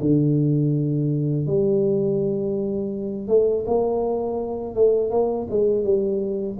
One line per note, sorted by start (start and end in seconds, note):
0.00 1.46 D3
1.46 3.28 G3
3.28 3.64 A3
3.66 4.74 A#3
4.74 5.11 A3
5.11 5.47 A#3
5.50 5.83 G#3
5.83 6.57 G3